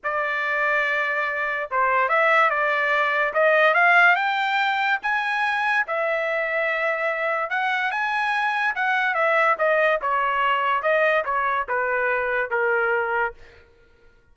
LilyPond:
\new Staff \with { instrumentName = "trumpet" } { \time 4/4 \tempo 4 = 144 d''1 | c''4 e''4 d''2 | dis''4 f''4 g''2 | gis''2 e''2~ |
e''2 fis''4 gis''4~ | gis''4 fis''4 e''4 dis''4 | cis''2 dis''4 cis''4 | b'2 ais'2 | }